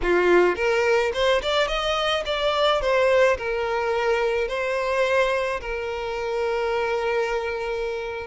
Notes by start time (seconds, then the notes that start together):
0.02 F4
0.55 A#4
1.13 C5
1.42 D5
1.67 D#5
2.25 D5
2.81 C5
3.37 A#4
4.48 C5
5.60 A#4